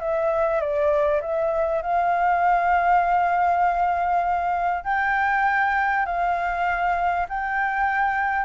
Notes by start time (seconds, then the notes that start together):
0.00 E5
0.60 D5
1.21 E5
1.82 F5
4.84 G5
6.06 F5
7.29 G5